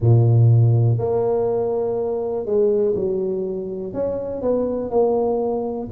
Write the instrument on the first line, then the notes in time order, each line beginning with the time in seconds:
tuba
0.00 A#2
0.98 A#3
2.45 G#3
2.95 F#3
3.93 C#4
4.41 B3
4.90 A#3